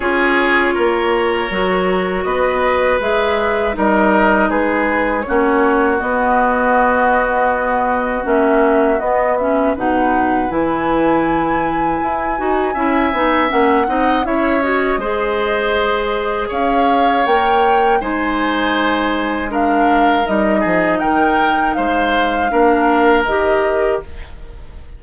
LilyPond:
<<
  \new Staff \with { instrumentName = "flute" } { \time 4/4 \tempo 4 = 80 cis''2. dis''4 | e''4 dis''4 b'4 cis''4 | dis''2. e''4 | dis''8 e''8 fis''4 gis''2~ |
gis''2 fis''4 e''8 dis''8~ | dis''2 f''4 g''4 | gis''2 f''4 dis''4 | g''4 f''2 dis''4 | }
  \new Staff \with { instrumentName = "oboe" } { \time 4/4 gis'4 ais'2 b'4~ | b'4 ais'4 gis'4 fis'4~ | fis'1~ | fis'4 b'2.~ |
b'4 e''4. dis''8 cis''4 | c''2 cis''2 | c''2 ais'4. gis'8 | ais'4 c''4 ais'2 | }
  \new Staff \with { instrumentName = "clarinet" } { \time 4/4 f'2 fis'2 | gis'4 dis'2 cis'4 | b2. cis'4 | b8 cis'8 dis'4 e'2~ |
e'8 fis'8 e'8 dis'8 cis'8 dis'8 e'8 fis'8 | gis'2. ais'4 | dis'2 d'4 dis'4~ | dis'2 d'4 g'4 | }
  \new Staff \with { instrumentName = "bassoon" } { \time 4/4 cis'4 ais4 fis4 b4 | gis4 g4 gis4 ais4 | b2. ais4 | b4 b,4 e2 |
e'8 dis'8 cis'8 b8 ais8 c'8 cis'4 | gis2 cis'4 ais4 | gis2. g8 f8 | dis4 gis4 ais4 dis4 | }
>>